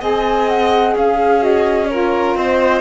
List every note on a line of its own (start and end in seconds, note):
0.00 0.95 C4
0.00 1.39 G#4
0.00 0.94 D#5
0.00 0.48 G#5
0.48 0.95 F#5
0.95 2.35 C#4
0.95 1.90 G#4
0.95 1.43 F5
1.39 1.86 F#4
1.39 1.87 D#5
1.87 2.81 F4
1.87 2.37 A#4
1.87 2.34 C#5
2.35 2.81 C4
2.35 2.81 C5
2.35 2.81 D#5